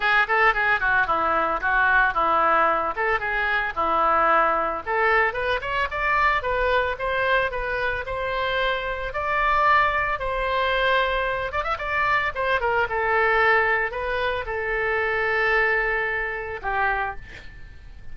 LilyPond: \new Staff \with { instrumentName = "oboe" } { \time 4/4 \tempo 4 = 112 gis'8 a'8 gis'8 fis'8 e'4 fis'4 | e'4. a'8 gis'4 e'4~ | e'4 a'4 b'8 cis''8 d''4 | b'4 c''4 b'4 c''4~ |
c''4 d''2 c''4~ | c''4. d''16 e''16 d''4 c''8 ais'8 | a'2 b'4 a'4~ | a'2. g'4 | }